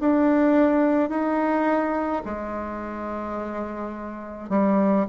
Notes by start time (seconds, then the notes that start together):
0.00 D4
1.10 D#4
2.25 G#3
4.49 G3